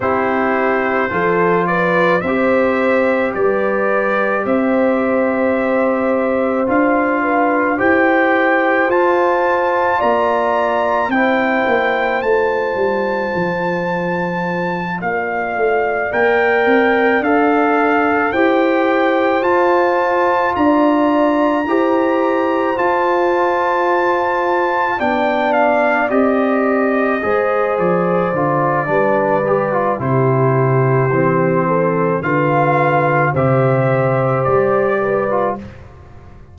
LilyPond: <<
  \new Staff \with { instrumentName = "trumpet" } { \time 4/4 \tempo 4 = 54 c''4. d''8 e''4 d''4 | e''2 f''4 g''4 | a''4 ais''4 g''4 a''4~ | a''4. f''4 g''4 f''8~ |
f''8 g''4 a''4 ais''4.~ | ais''8 a''2 g''8 f''8 dis''8~ | dis''4 d''2 c''4~ | c''4 f''4 e''4 d''4 | }
  \new Staff \with { instrumentName = "horn" } { \time 4/4 g'4 a'8 b'8 c''4 b'4 | c''2~ c''8 b'8 c''4~ | c''4 d''4 c''2~ | c''4. d''2~ d''8~ |
d''8 c''2 d''4 c''8~ | c''2~ c''8 d''4.~ | d''8 c''4. b'4 g'4~ | g'8 a'8 b'4 c''4. b'8 | }
  \new Staff \with { instrumentName = "trombone" } { \time 4/4 e'4 f'4 g'2~ | g'2 f'4 g'4 | f'2 e'4 f'4~ | f'2~ f'8 ais'4 a'8~ |
a'8 g'4 f'2 g'8~ | g'8 f'2 d'4 g'8~ | g'8 gis'4 f'8 d'8 g'16 f'16 e'4 | c'4 f'4 g'4.~ g'16 f'16 | }
  \new Staff \with { instrumentName = "tuba" } { \time 4/4 c'4 f4 c'4 g4 | c'2 d'4 e'4 | f'4 ais4 c'8 ais8 a8 g8 | f4. ais8 a8 ais8 c'8 d'8~ |
d'8 e'4 f'4 d'4 e'8~ | e'8 f'2 b4 c'8~ | c'8 gis8 f8 d8 g4 c4 | e4 d4 c4 g4 | }
>>